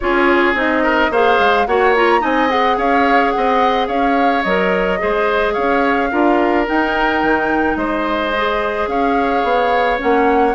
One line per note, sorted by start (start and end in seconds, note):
0.00 0.54 C#4
0.00 0.55 F4
0.00 0.83 G#4
0.00 0.55 C#5
0.54 1.09 C4
0.54 1.10 D#4
0.54 1.12 D#5
0.83 1.10 A#4
1.10 1.38 A#3
1.10 1.67 G#4
1.10 1.67 C5
1.10 1.66 F5
1.39 1.66 G#3
1.66 2.22 A#3
1.66 1.95 F#4
1.66 2.21 C#5
1.66 1.94 F#5
1.95 2.20 F4
1.95 2.24 A#5
2.20 2.77 C4
2.20 2.47 D#4
2.20 2.76 D#5
2.20 2.50 G#5
2.48 4.43 G#4
2.48 2.78 F#5
2.77 3.33 C#4
2.77 3.33 C#5
2.77 3.30 F5
3.30 3.86 F#5
3.36 3.88 C4
3.36 3.87 D#5
3.87 4.44 C#4
3.87 4.98 C#5
3.87 4.43 F5
4.43 5.00 F#3
4.43 4.98 A#4
4.43 5.53 D#5
4.98 5.56 G#3
4.98 6.09 G#4
4.98 5.53 C5
5.53 6.12 C#4
5.53 6.09 C#5
5.53 6.64 F5
6.11 6.68 D4
6.11 6.66 F4
6.11 7.77 A#4
6.66 8.32 D#4
6.66 7.22 D#4
6.66 7.76 G5
7.22 7.76 D#3
7.76 8.87 G#3
7.76 8.89 C5
7.76 8.87 D#5
8.37 9.97 G#4
8.87 9.42 C#4
8.87 10.55 C#5
8.87 9.99 F5
9.43 9.99 B3
9.97 10.55 A#3
9.97 10.53 C#4
9.97 10.55 F#5